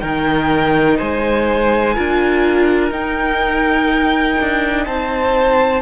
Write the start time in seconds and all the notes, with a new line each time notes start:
0.00 D#3 D#4 A#4 G5
0.98 G#3 C5 G#5
1.94 D4 F4 A#4
2.91 D#4 G5
4.41 D4
4.85 C4 C5 A5